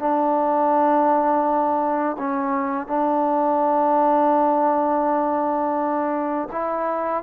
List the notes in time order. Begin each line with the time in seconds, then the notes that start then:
0.00 D4
2.19 C#4
2.88 D4
6.52 E4